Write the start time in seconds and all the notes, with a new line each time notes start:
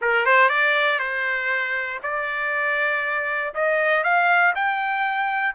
0.01 A#4
0.25 C5
0.49 D5
0.99 C5
2.02 D5
3.54 D#5
4.03 F5
4.55 G5